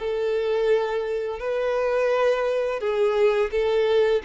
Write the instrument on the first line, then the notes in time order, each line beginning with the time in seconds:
violin
0.00 A4
1.40 B4
2.81 G#4
3.52 A4